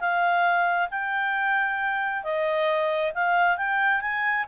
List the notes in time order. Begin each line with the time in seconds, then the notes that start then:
0.00 F5
0.91 G5
2.24 D#5
3.15 F5
3.58 G5
4.01 G#5